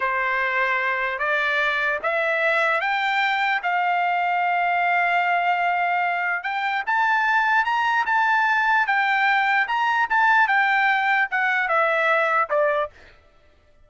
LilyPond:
\new Staff \with { instrumentName = "trumpet" } { \time 4/4 \tempo 4 = 149 c''2. d''4~ | d''4 e''2 g''4~ | g''4 f''2.~ | f''1 |
g''4 a''2 ais''4 | a''2 g''2 | ais''4 a''4 g''2 | fis''4 e''2 d''4 | }